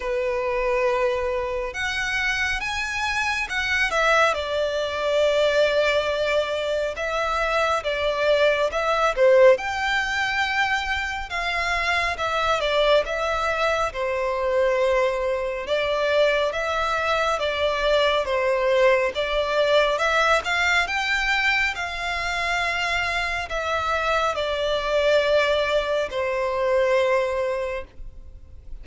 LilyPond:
\new Staff \with { instrumentName = "violin" } { \time 4/4 \tempo 4 = 69 b'2 fis''4 gis''4 | fis''8 e''8 d''2. | e''4 d''4 e''8 c''8 g''4~ | g''4 f''4 e''8 d''8 e''4 |
c''2 d''4 e''4 | d''4 c''4 d''4 e''8 f''8 | g''4 f''2 e''4 | d''2 c''2 | }